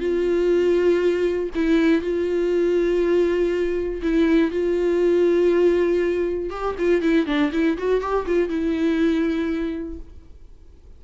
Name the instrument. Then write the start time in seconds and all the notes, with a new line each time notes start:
viola
0.00 F4
1.55 E4
2.01 F4
4.02 E4
4.51 F4
6.50 G4
6.78 F4
7.02 E4
7.26 D4
7.52 E4
7.78 F#4
8.01 G4
8.26 F4
8.49 E4